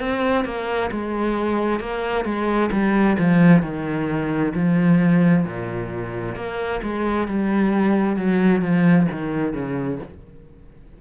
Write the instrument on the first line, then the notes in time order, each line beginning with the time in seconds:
cello
0.00 C4
0.45 A#3
0.92 G#3
1.81 A#3
2.25 G#3
2.72 G3
3.19 F3
3.63 D#3
4.55 F3
5.45 A#2
6.36 A#3
6.83 G#3
7.28 G3
8.17 F#3
8.62 F3
9.12 D#3
9.54 C#3